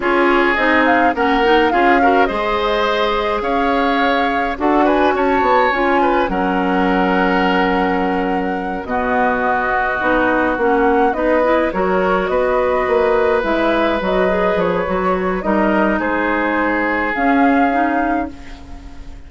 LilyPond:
<<
  \new Staff \with { instrumentName = "flute" } { \time 4/4 \tempo 4 = 105 cis''4 dis''8 f''8 fis''4 f''4 | dis''2 f''2 | fis''8 gis''8 a''4 gis''4 fis''4~ | fis''2.~ fis''8 dis''8~ |
dis''2~ dis''8 fis''4 dis''8~ | dis''8 cis''4 dis''2 e''8~ | e''8 dis''4 cis''4. dis''4 | c''2 f''2 | }
  \new Staff \with { instrumentName = "oboe" } { \time 4/4 gis'2 ais'4 gis'8 ais'8 | c''2 cis''2 | a'8 b'8 cis''4. b'8 ais'4~ | ais'2.~ ais'8 fis'8~ |
fis'2.~ fis'8 b'8~ | b'8 ais'4 b'2~ b'8~ | b'2. ais'4 | gis'1 | }
  \new Staff \with { instrumentName = "clarinet" } { \time 4/4 f'4 dis'4 cis'8 dis'8 f'8 fis'8 | gis'1 | fis'2 f'4 cis'4~ | cis'2.~ cis'8 b8~ |
b4. dis'4 cis'4 dis'8 | e'8 fis'2. e'8~ | e'8 fis'8 gis'4 fis'4 dis'4~ | dis'2 cis'4 dis'4 | }
  \new Staff \with { instrumentName = "bassoon" } { \time 4/4 cis'4 c'4 ais4 cis'4 | gis2 cis'2 | d'4 cis'8 b8 cis'4 fis4~ | fis2.~ fis8 b,8~ |
b,4. b4 ais4 b8~ | b8 fis4 b4 ais4 gis8~ | gis8 fis4 f8 fis4 g4 | gis2 cis'2 | }
>>